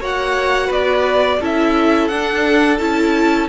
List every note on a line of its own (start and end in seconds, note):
0.00 0.70 A#3
0.00 1.40 F#4
0.00 0.67 C#5
0.00 0.72 F#5
0.67 1.40 B3
0.67 1.37 B4
0.67 1.42 D5
1.40 2.10 C#4
1.40 2.11 E4
1.40 3.49 A4
1.40 2.08 E5
2.08 2.80 D4
2.08 2.79 D4
2.08 2.78 F#5
2.78 3.49 C#4
2.78 3.49 E4
2.78 3.48 A5